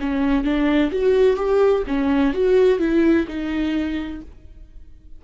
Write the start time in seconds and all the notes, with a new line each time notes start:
0.00 C#4
0.44 D4
0.92 F#4
1.36 G4
1.87 C#4
2.33 F#4
2.79 E4
3.27 D#4